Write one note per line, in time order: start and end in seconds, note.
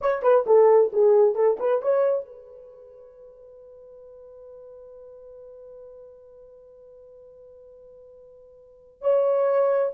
0.01 0.22 C#5
0.22 0.45 B4
0.46 0.91 A4
0.92 1.35 G#4
1.35 1.57 A4
1.59 1.82 B4
1.82 2.25 C#5
2.25 9.01 B4
9.01 9.91 C#5